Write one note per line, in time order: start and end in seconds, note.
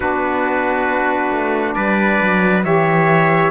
0.00 1.30 B3
0.00 2.62 D4
0.00 1.75 F#4
0.00 1.74 B4
1.31 1.75 A3
1.74 2.20 G3
1.74 2.64 B4
1.74 2.62 D5
2.21 2.65 F#3
2.64 3.50 E3
2.64 3.50 G4
2.64 3.50 C#5
2.64 3.50 E5